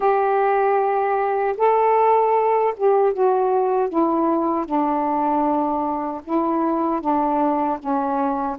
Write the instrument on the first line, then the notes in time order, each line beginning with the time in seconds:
saxophone
0.00 G4
1.57 A4
2.76 G4
3.13 F#4
3.89 E4
4.65 D4
6.23 E4
7.00 D4
7.79 C#4